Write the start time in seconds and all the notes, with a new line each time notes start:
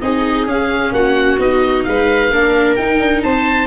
0.00 C4 D#4 G#4 D#5
0.45 C#4 F5
0.91 A#3 F#4 F#5
1.38 B3 D#4 D#5
1.84 G#3 B4 F5
2.30 A#3 D4 A#4
2.75 D#4 G5
2.99 D4
3.22 C4 C5 A5